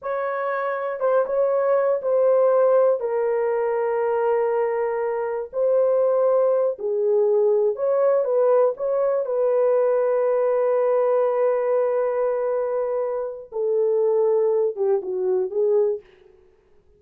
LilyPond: \new Staff \with { instrumentName = "horn" } { \time 4/4 \tempo 4 = 120 cis''2 c''8 cis''4. | c''2 ais'2~ | ais'2. c''4~ | c''4. gis'2 cis''8~ |
cis''8 b'4 cis''4 b'4.~ | b'1~ | b'2. a'4~ | a'4. g'8 fis'4 gis'4 | }